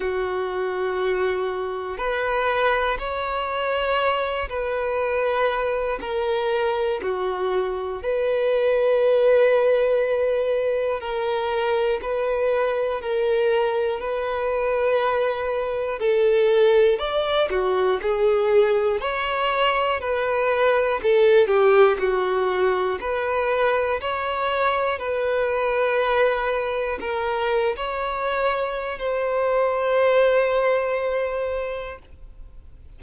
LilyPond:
\new Staff \with { instrumentName = "violin" } { \time 4/4 \tempo 4 = 60 fis'2 b'4 cis''4~ | cis''8 b'4. ais'4 fis'4 | b'2. ais'4 | b'4 ais'4 b'2 |
a'4 d''8 fis'8 gis'4 cis''4 | b'4 a'8 g'8 fis'4 b'4 | cis''4 b'2 ais'8. cis''16~ | cis''4 c''2. | }